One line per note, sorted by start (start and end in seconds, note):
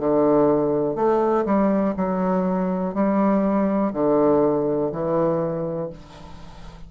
0.00 0.96 D3
0.96 1.45 A3
1.46 1.95 G3
1.97 2.94 F#3
2.94 3.93 G3
3.93 4.92 D3
4.92 5.90 E3